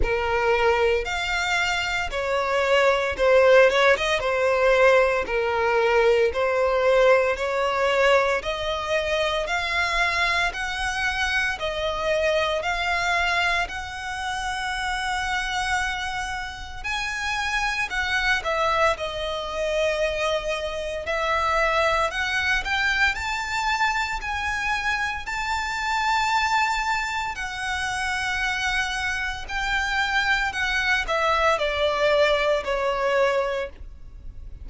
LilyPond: \new Staff \with { instrumentName = "violin" } { \time 4/4 \tempo 4 = 57 ais'4 f''4 cis''4 c''8 cis''16 dis''16 | c''4 ais'4 c''4 cis''4 | dis''4 f''4 fis''4 dis''4 | f''4 fis''2. |
gis''4 fis''8 e''8 dis''2 | e''4 fis''8 g''8 a''4 gis''4 | a''2 fis''2 | g''4 fis''8 e''8 d''4 cis''4 | }